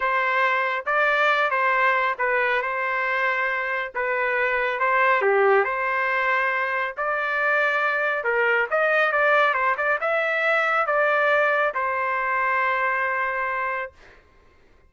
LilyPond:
\new Staff \with { instrumentName = "trumpet" } { \time 4/4 \tempo 4 = 138 c''2 d''4. c''8~ | c''4 b'4 c''2~ | c''4 b'2 c''4 | g'4 c''2. |
d''2. ais'4 | dis''4 d''4 c''8 d''8 e''4~ | e''4 d''2 c''4~ | c''1 | }